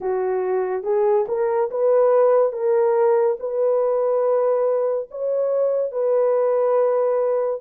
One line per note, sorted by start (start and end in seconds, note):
0.00 0.83 F#4
0.83 1.25 G#4
1.28 1.70 A#4
1.70 2.52 B4
2.52 3.36 A#4
3.39 5.08 B4
5.10 5.91 C#5
5.91 7.60 B4